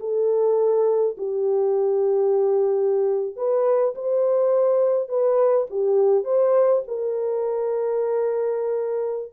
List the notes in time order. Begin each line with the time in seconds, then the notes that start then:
0.00 A4
1.18 G4
3.37 B4
3.95 C5
5.09 B4
5.70 G4
6.24 C5
6.88 A#4